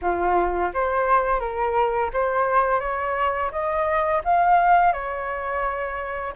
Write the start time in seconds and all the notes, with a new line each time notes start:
0.01 F4
0.73 C5
1.40 A#4
2.13 C5
2.80 C#5
3.51 D#5
4.24 F5
4.92 C#5